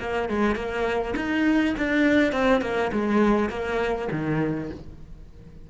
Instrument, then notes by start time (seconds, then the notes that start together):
cello
0.00 A#3
0.29 G#3
0.56 A#3
1.16 D#4
1.78 D4
2.33 C4
2.62 A#3
2.93 G#3
3.50 A#3
4.11 D#3